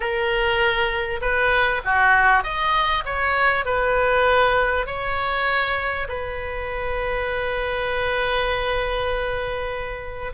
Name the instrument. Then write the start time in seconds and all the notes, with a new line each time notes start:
oboe
0.00 A#4
1.21 B4
1.84 F#4
2.43 D#5
3.05 C#5
3.65 B4
4.86 C#5
6.08 B4